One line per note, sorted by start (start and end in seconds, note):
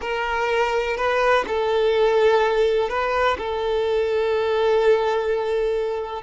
0.01 0.96 A#4
0.96 1.44 B4
1.47 2.89 A4
2.89 3.37 B4
3.37 6.22 A4